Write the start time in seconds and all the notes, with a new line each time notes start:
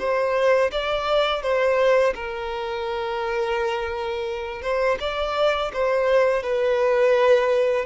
0.00 C5
0.72 D5
1.43 C5
2.15 A#4
4.63 C5
5.00 D5
5.74 C5
6.44 B4